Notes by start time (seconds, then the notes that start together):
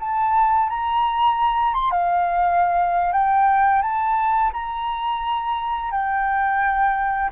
0.00 A5
0.69 A#5
1.74 C6
1.90 F5
3.12 G5
3.82 A5
4.53 A#5
5.91 G5